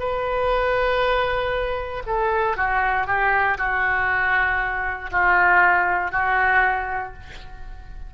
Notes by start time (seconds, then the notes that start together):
0.00 B4
2.07 A4
2.57 F#4
3.07 G4
3.58 F#4
5.12 F4
6.12 F#4